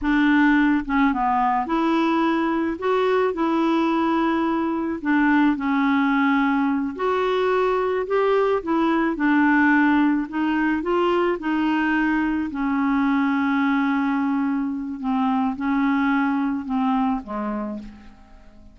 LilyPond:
\new Staff \with { instrumentName = "clarinet" } { \time 4/4 \tempo 4 = 108 d'4. cis'8 b4 e'4~ | e'4 fis'4 e'2~ | e'4 d'4 cis'2~ | cis'8 fis'2 g'4 e'8~ |
e'8 d'2 dis'4 f'8~ | f'8 dis'2 cis'4.~ | cis'2. c'4 | cis'2 c'4 gis4 | }